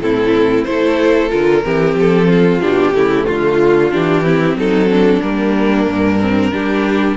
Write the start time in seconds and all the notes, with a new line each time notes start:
0.00 A2 C4 E4 A4
0.64 A3 E4 A4 C5
1.30 D3 F4 A#4
1.64 E3 C4 G4
1.95 F3 A4
2.28 F4
2.61 B2 D4 G4
2.92 C#3 A3 E4
3.26 D3 F4
3.91 E3 D4 G4
4.24 C4 E4
4.56 F#3 D#4 A4
4.90 D4
5.22 G3 A#3 A#4
5.87 G2
6.21 C4
6.52 G3 D4 G4